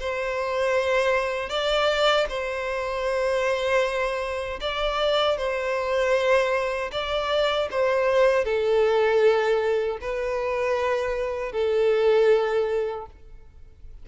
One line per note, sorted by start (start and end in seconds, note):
0.00 1.49 C5
1.49 2.26 D5
2.29 4.60 C5
4.61 5.37 D5
5.37 6.91 C5
6.92 7.69 D5
7.71 8.44 C5
8.44 9.98 A4
10.01 11.52 B4
11.52 13.06 A4